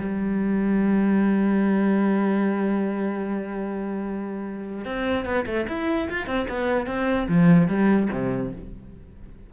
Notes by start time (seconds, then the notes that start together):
0.00 G3
4.85 C4
5.26 B3
5.47 A3
5.69 E4
6.10 F4
6.27 C4
6.49 B3
6.87 C4
7.29 F3
7.68 G3
8.13 C3